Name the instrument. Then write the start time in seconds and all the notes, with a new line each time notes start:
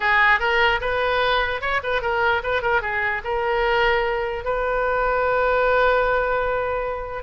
oboe
0.00 G#4
0.39 A#4
0.81 B4
1.61 C#5
1.83 B4
2.01 A#4
2.43 B4
2.62 A#4
2.81 G#4
3.24 A#4
4.44 B4